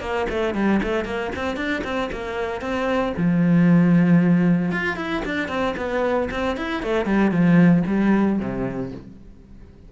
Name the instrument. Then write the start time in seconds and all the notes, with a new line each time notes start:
cello
0.00 A#3
0.29 A3
0.54 G3
0.82 A3
1.05 A#3
1.35 C4
1.56 D4
1.84 C4
2.12 A#3
2.61 C4
3.17 F3
4.71 F4
4.96 E4
5.25 D4
5.48 C4
5.77 B3
6.31 C4
6.56 E4
6.82 A3
7.05 G3
7.31 F3
7.87 G3
8.39 C3